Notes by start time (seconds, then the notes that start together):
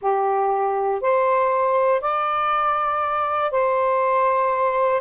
0.01 G4
1.00 C5
2.01 D5
3.51 C5